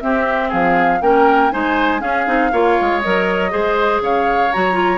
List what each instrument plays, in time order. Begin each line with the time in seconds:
0.00 clarinet C4, bassoon C4, oboe G4, flute E5
0.49 bassoon F3, oboe G#4, flute F5
1.01 bassoon A#3, clarinet C#4, oboe A#4, flute G5
1.51 bassoon G#3, clarinet D#4, oboe C5, flute G#5
1.99 clarinet C#4, bassoon C#4, oboe G#4, flute F5
2.26 bassoon C4, clarinet D#4
2.52 bassoon A#3, clarinet F4, oboe C#5
2.81 bassoon G#3
3.00 bassoon F#3, clarinet A#4, flute D#5
3.50 bassoon G#3, clarinet G#4, oboe C5
4.00 bassoon C#3, oboe C#5, flute F5
4.53 bassoon F#3, clarinet F#4, flute A#5
4.73 clarinet F4